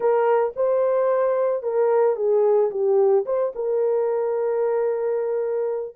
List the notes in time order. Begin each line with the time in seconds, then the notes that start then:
0.00 A#4
0.56 C5
1.62 A#4
2.16 G#4
2.70 G4
3.25 C5
3.55 A#4